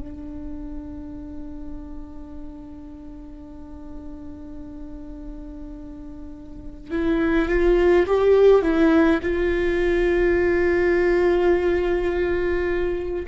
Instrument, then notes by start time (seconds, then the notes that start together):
viola
0.00 D4
6.91 E4
7.49 F4
8.07 G4
8.62 E4
9.23 F4